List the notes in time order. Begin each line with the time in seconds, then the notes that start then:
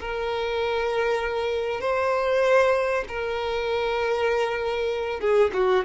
0.00 A#4
1.80 C5
3.08 A#4
5.20 G#4
5.53 F#4